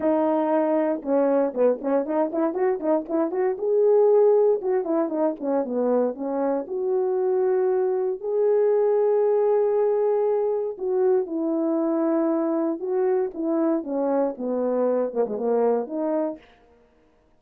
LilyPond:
\new Staff \with { instrumentName = "horn" } { \time 4/4 \tempo 4 = 117 dis'2 cis'4 b8 cis'8 | dis'8 e'8 fis'8 dis'8 e'8 fis'8 gis'4~ | gis'4 fis'8 e'8 dis'8 cis'8 b4 | cis'4 fis'2. |
gis'1~ | gis'4 fis'4 e'2~ | e'4 fis'4 e'4 cis'4 | b4. ais16 gis16 ais4 dis'4 | }